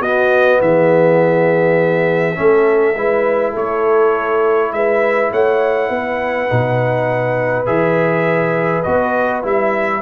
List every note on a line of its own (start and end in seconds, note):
0.00 0.59 B3
0.00 2.35 B3
0.00 0.59 F#4
0.00 0.61 D#5
0.61 2.37 E3
0.61 2.38 G#4
0.61 3.56 E5
2.35 2.95 A3
2.35 2.94 C#4
2.35 2.97 A4
2.95 3.54 G#3
2.95 6.49 E4
2.95 3.51 B4
3.51 4.72 A3
3.51 4.69 A4
3.51 4.73 C#5
4.72 5.31 G#3
4.72 5.31 B4
4.72 5.31 E5
5.31 5.89 A3
5.31 5.89 C#5
5.31 7.66 F#5
5.89 6.48 B3
5.89 10.01 B4
6.49 7.68 B2
6.49 7.66 D#4
7.66 8.85 E3
7.66 8.83 G#4
7.66 8.83 E5
8.83 9.44 B3
8.83 9.42 F#4
8.83 9.41 D#5
9.42 10.02 G3
9.42 10.01 E4
9.42 10.02 E5